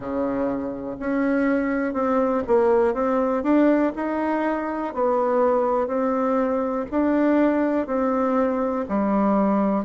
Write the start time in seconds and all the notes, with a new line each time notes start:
0.00 C#3
0.99 C#4
1.93 C4
2.47 A#3
2.94 C4
3.43 D4
3.95 D#4
4.94 B3
5.87 C4
6.90 D4
7.86 C4
8.88 G3